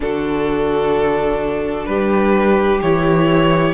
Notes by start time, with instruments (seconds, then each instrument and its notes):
0.00 cello D3, viola D4, violin F#4 A4
1.86 cello G3, violin G4 B4
2.81 cello E3, viola E4, violin C#5